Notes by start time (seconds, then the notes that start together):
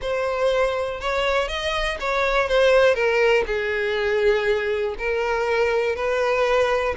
0.01 C5
1.00 C#5
1.47 D#5
2.00 C#5
2.48 C5
2.94 A#4
3.46 G#4
4.98 A#4
5.95 B4